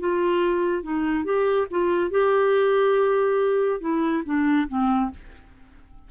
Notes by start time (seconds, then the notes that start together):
0.00 F4
0.83 D#4
1.25 G4
1.71 F4
2.11 G4
3.81 E4
4.25 D4
4.68 C4